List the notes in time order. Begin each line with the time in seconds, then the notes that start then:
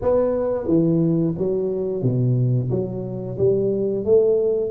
0.01 B3
0.67 E3
1.37 F#3
2.02 B2
2.70 F#3
3.38 G3
4.04 A3